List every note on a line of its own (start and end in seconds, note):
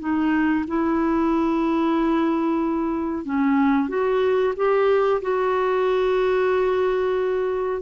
0.00 0.65 D#4
0.67 3.25 E4
3.25 3.89 C#4
3.89 4.54 F#4
4.56 5.21 G4
5.22 7.82 F#4